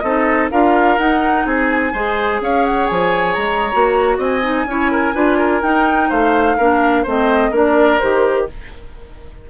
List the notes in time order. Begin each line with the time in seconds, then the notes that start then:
0.00 C4 D#4 A4 D#5
0.51 D4 F4 A#4 F5
0.98 D#4 F#5
1.45 C4 G#4 G#5
1.93 G#3 G#4 C5
2.41 C#4 C#5 F5
2.65 F#5
2.87 F3 G#5
3.34 G#3 A#5
3.72 A#3 F#4
4.18 C4 D#5 G#5
4.42 D#4
4.66 C#4 E4 C#5
4.91 A#4
5.14 D4 F4 B4
5.38 A#4
5.62 D#4 G5
6.09 A3 C5 F5
6.57 A#3 D4 A#4
7.03 A3 C4 C5 D#5
7.51 A#3 D4 A#4 D5
8.00 D#3 G4 C5